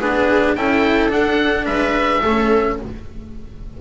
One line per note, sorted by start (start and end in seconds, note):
0.00 0.56 B3
0.00 0.57 D4
0.00 0.56 G#4
0.00 0.56 B4
0.56 1.11 C#4
0.56 1.10 E4
0.56 1.66 A4
0.56 1.11 G5
1.10 2.21 D4
1.10 1.66 D4
1.10 1.66 F#5
1.66 2.22 G#3
1.66 2.21 B4
1.66 2.77 E5
2.22 2.79 A3
2.22 2.81 C#4
2.22 2.77 A4